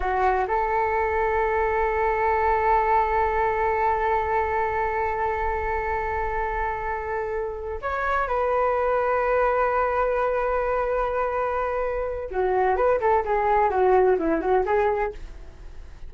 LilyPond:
\new Staff \with { instrumentName = "flute" } { \time 4/4 \tempo 4 = 127 fis'4 a'2.~ | a'1~ | a'1~ | a'1~ |
a'8 cis''4 b'2~ b'8~ | b'1~ | b'2 fis'4 b'8 a'8 | gis'4 fis'4 e'8 fis'8 gis'4 | }